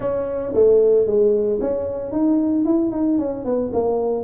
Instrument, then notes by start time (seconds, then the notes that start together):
tuba
0.00 C#4
0.53 A3
1.06 G#3
1.60 C#4
2.12 D#4
2.65 E4
2.91 D#4
3.18 C#4
3.44 B3
3.73 A#3